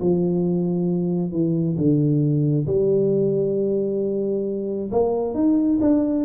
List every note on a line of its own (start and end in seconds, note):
0.00 1.31 F3
1.31 1.76 E3
1.77 2.66 D3
2.67 4.91 G3
4.91 5.34 A#3
5.34 5.79 D#4
5.81 6.25 D4